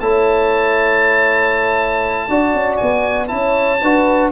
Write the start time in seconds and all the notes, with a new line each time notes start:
0.00 A3 E4 C#5 A5
2.27 D4 F#4 D5
2.54 C#4
2.77 B3 G#5
3.28 C#4 E4 C#5 A5
3.82 D4 F#4 B4